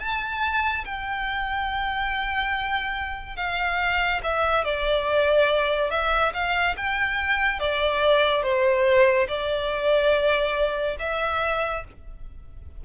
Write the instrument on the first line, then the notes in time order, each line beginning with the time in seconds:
violin
0.00 A5
0.85 G5
3.37 F5
4.24 E5
4.65 D5
5.91 E5
6.34 F5
6.77 G5
7.60 D5
8.43 C5
9.28 D5
11.00 E5